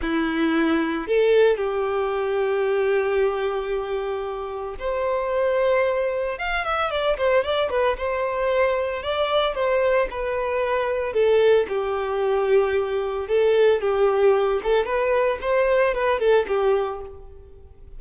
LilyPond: \new Staff \with { instrumentName = "violin" } { \time 4/4 \tempo 4 = 113 e'2 a'4 g'4~ | g'1~ | g'4 c''2. | f''8 e''8 d''8 c''8 d''8 b'8 c''4~ |
c''4 d''4 c''4 b'4~ | b'4 a'4 g'2~ | g'4 a'4 g'4. a'8 | b'4 c''4 b'8 a'8 g'4 | }